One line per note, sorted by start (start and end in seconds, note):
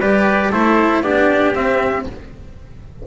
0.00 0.51 G3
0.00 0.53 G4
0.00 0.51 B4
0.00 0.53 D5
0.51 1.02 A3
0.51 1.04 E4
0.51 1.02 A4
0.51 1.03 C5
1.02 1.54 B3
1.02 1.55 D4
1.02 2.07 G4
1.02 1.54 D5
1.54 2.05 C4
1.54 2.07 C4
1.54 2.07 E5